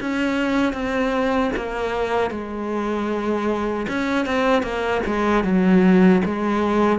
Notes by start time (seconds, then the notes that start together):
0.00 C#4
0.73 C4
1.56 A#3
2.31 G#3
3.88 C#4
4.26 C4
4.62 A#3
5.06 G#3
5.44 F#3
6.25 G#3